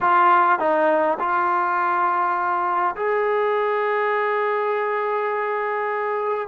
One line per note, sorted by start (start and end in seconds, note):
0.00 0.59 F4
0.59 1.18 D#4
1.19 2.95 F4
2.96 6.48 G#4